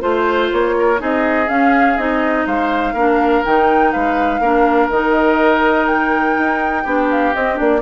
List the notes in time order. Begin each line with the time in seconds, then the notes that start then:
0.00 A3 F4 C5
0.52 A#3 C#5
0.79 A#4
0.98 C4 D#4 G#4 D#5
1.47 C#4 F5
1.97 C4 D#4 D#5
2.46 G#3 C5 F5
2.93 A#3 D4 A#4
3.45 D#3 D#4 G5
3.92 G#3 B4 F5
4.40 A#3 D4 A#4
4.90 D#3 D#4 D#5
5.86 G5
6.38 D#4
6.83 B3 D4 G4
7.11 F5
7.34 C4 D#5
7.55 A#3 D4 D5